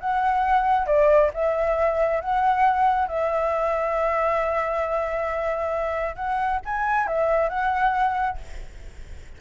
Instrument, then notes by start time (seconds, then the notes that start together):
flute
0.00 F#5
0.86 D5
1.34 E5
2.21 F#5
3.08 E5
6.16 F#5
6.65 G#5
7.07 E5
7.49 F#5